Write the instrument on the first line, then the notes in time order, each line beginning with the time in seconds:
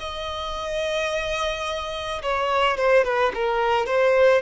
violin
0.00 D#5
2.23 C#5
2.78 C5
3.05 B4
3.35 A#4
3.86 C5